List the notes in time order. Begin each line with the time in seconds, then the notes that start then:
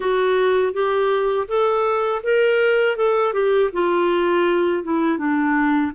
0.00 F#4
0.73 G4
1.47 A4
2.23 A#4
2.96 A4
3.33 G4
3.72 F4
4.84 E4
5.18 D4